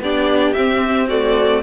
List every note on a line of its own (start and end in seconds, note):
0.00 0.54 B3
0.00 0.55 D4
0.00 1.08 G4
0.00 0.53 D5
0.53 1.09 C4
0.53 1.63 C4
0.53 1.07 E5
1.08 1.63 A3
1.08 1.62 F#4
1.08 1.63 D5